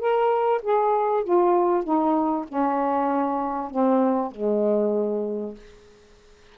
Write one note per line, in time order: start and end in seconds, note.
0.00 0.62 A#4
0.63 1.24 G#4
1.24 1.84 F4
1.84 2.46 D#4
2.49 3.71 C#4
3.71 4.32 C4
4.32 5.56 G#3